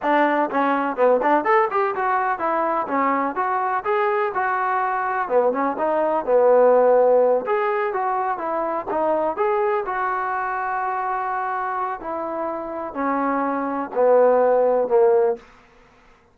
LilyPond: \new Staff \with { instrumentName = "trombone" } { \time 4/4 \tempo 4 = 125 d'4 cis'4 b8 d'8 a'8 g'8 | fis'4 e'4 cis'4 fis'4 | gis'4 fis'2 b8 cis'8 | dis'4 b2~ b8 gis'8~ |
gis'8 fis'4 e'4 dis'4 gis'8~ | gis'8 fis'2.~ fis'8~ | fis'4 e'2 cis'4~ | cis'4 b2 ais4 | }